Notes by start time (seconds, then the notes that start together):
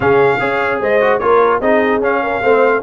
0.00 C#3 C#4 G#4 F5
0.39 C#4 G#4 C#5
0.80 G#3 C5 D#5
1.01 F#4
1.18 A#3 F4 A#4 C#5
1.60 C4 D#4 G#4 D#5
1.99 C#4 F5
2.23 A#4
2.41 A3 C4 C5